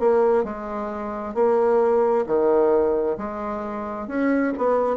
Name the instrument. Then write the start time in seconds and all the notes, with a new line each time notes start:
bassoon
0.00 A#3
0.44 G#3
1.35 A#3
2.27 D#3
3.18 G#3
4.08 C#4
4.58 B3